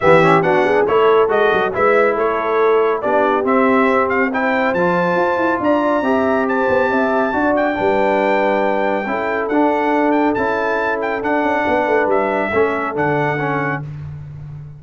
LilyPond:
<<
  \new Staff \with { instrumentName = "trumpet" } { \time 4/4 \tempo 4 = 139 e''4 fis''4 cis''4 dis''4 | e''4 cis''2 d''4 | e''4. f''8 g''4 a''4~ | a''4 ais''2 a''4~ |
a''4. g''2~ g''8~ | g''2 fis''4. g''8 | a''4. g''8 fis''2 | e''2 fis''2 | }
  \new Staff \with { instrumentName = "horn" } { \time 4/4 g'4 fis'8 gis'8 a'2 | b'4 a'2 g'4~ | g'2 c''2~ | c''4 d''4 e''4 c''4 |
e''4 d''4 b'2~ | b'4 a'2.~ | a'2. b'4~ | b'4 a'2. | }
  \new Staff \with { instrumentName = "trombone" } { \time 4/4 b8 cis'8 d'4 e'4 fis'4 | e'2. d'4 | c'2 e'4 f'4~ | f'2 g'2~ |
g'4 fis'4 d'2~ | d'4 e'4 d'2 | e'2 d'2~ | d'4 cis'4 d'4 cis'4 | }
  \new Staff \with { instrumentName = "tuba" } { \time 4/4 e4 b4 a4 gis8 fis8 | gis4 a2 b4 | c'2. f4 | f'8 e'8 d'4 c'4. b8 |
c'4 d'4 g2~ | g4 cis'4 d'2 | cis'2 d'8 cis'8 b8 a8 | g4 a4 d2 | }
>>